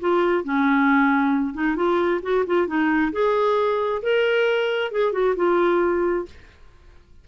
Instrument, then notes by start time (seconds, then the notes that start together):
clarinet
0.00 F4
0.44 C#4
1.54 D#4
1.76 F4
2.22 F#4
2.46 F4
2.67 D#4
3.13 G#4
4.03 A#4
4.92 G#4
5.12 F#4
5.36 F4